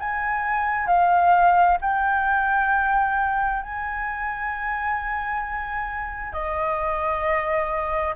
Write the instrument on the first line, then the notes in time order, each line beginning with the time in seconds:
flute
0.00 G#5
0.87 F5
1.82 G5
3.63 G#5
6.33 D#5